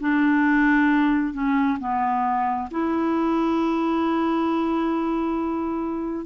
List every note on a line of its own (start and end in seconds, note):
0.00 1.34 D4
1.34 1.78 C#4
1.80 2.69 B3
2.71 6.26 E4